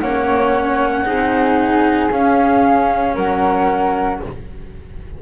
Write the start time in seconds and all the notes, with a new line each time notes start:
0.00 A#3 C#4 C#5 F#5
1.04 C4 D#4 G#4
2.11 C#4 F5
3.14 F#3 A#4 F#5